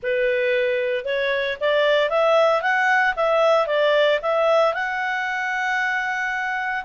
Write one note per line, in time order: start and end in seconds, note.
0.02 1.05 B4
1.05 1.57 C#5
1.60 2.09 D5
2.09 2.61 E5
2.61 3.14 F#5
3.16 3.67 E5
3.67 4.19 D5
4.22 4.74 E5
4.74 6.84 F#5